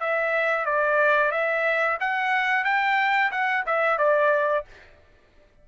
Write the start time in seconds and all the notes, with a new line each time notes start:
0.00 E5
0.65 D5
1.31 E5
2.00 F#5
2.64 G5
3.32 F#5
3.66 E5
3.98 D5